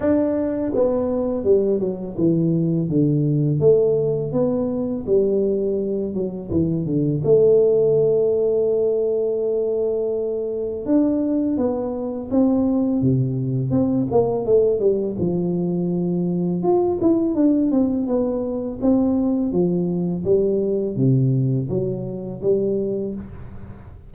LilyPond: \new Staff \with { instrumentName = "tuba" } { \time 4/4 \tempo 4 = 83 d'4 b4 g8 fis8 e4 | d4 a4 b4 g4~ | g8 fis8 e8 d8 a2~ | a2. d'4 |
b4 c'4 c4 c'8 ais8 | a8 g8 f2 f'8 e'8 | d'8 c'8 b4 c'4 f4 | g4 c4 fis4 g4 | }